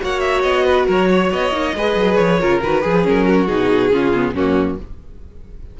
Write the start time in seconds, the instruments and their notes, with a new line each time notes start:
0.00 cello A#3, viola F#4, violin C#5 F#5
0.20 violin E5
0.42 cello B3, violin D#5
0.65 violin B4
0.86 cello F#3, violin A#4 C#5
1.10 violin C#5
1.31 cello B3, violin D#5
1.50 cello A#3, viola D#4
1.74 cello G#3, viola G#4, violin B4
1.95 cello F#3
2.16 cello F3, violin C#5
2.39 cello C#3, viola F4, violin A#4
2.62 cello D#3, viola F#4, violin B4
2.81 cello F3, viola G#4, violin G#4
3.02 cello F#3, viola C#4, violin A#4
3.28 violin F#4
3.47 cello B2, viola D#4, violin G#4
3.91 cello C#3, viola C#4, violin F4
4.14 viola B3
4.33 cello F#2, viola A#3, violin C#4 F#4